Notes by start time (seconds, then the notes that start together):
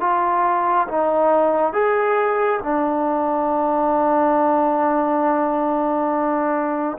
0.00 F4
0.87 D#4
1.73 G#4
2.62 D4